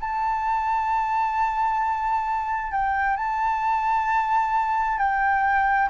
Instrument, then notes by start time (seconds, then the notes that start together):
flute
0.00 A5
2.72 G5
3.16 A5
4.98 G5